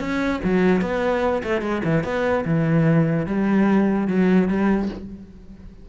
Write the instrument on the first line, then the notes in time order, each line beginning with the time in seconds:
cello
0.00 C#4
0.44 F#3
0.81 B3
1.44 A3
1.62 G#3
1.84 E3
2.04 B3
2.45 E3
3.26 G3
4.07 F#3
4.48 G3